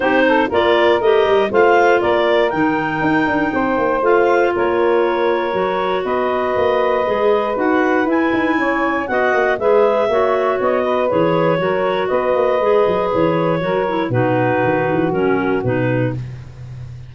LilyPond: <<
  \new Staff \with { instrumentName = "clarinet" } { \time 4/4 \tempo 4 = 119 c''4 d''4 dis''4 f''4 | d''4 g''2. | f''4 cis''2. | dis''2. fis''4 |
gis''2 fis''4 e''4~ | e''4 dis''4 cis''2 | dis''2 cis''2 | b'2 ais'4 b'4 | }
  \new Staff \with { instrumentName = "saxophone" } { \time 4/4 g'8 a'8 ais'2 c''4 | ais'2. c''4~ | c''4 ais'2. | b'1~ |
b'4 cis''4 dis''4 b'4 | cis''4. b'4. ais'4 | b'2. ais'4 | fis'1 | }
  \new Staff \with { instrumentName = "clarinet" } { \time 4/4 dis'4 f'4 g'4 f'4~ | f'4 dis'2. | f'2. fis'4~ | fis'2 gis'4 fis'4 |
e'2 fis'4 gis'4 | fis'2 gis'4 fis'4~ | fis'4 gis'2 fis'8 e'8 | dis'2 cis'4 dis'4 | }
  \new Staff \with { instrumentName = "tuba" } { \time 4/4 c'4 ais4 a8 g8 a4 | ais4 dis4 dis'8 d'8 c'8 ais8 | a4 ais2 fis4 | b4 ais4 gis4 dis'4 |
e'8 dis'8 cis'4 b8 ais8 gis4 | ais4 b4 e4 fis4 | b8 ais8 gis8 fis8 e4 fis4 | b,4 dis8 e8 fis4 b,4 | }
>>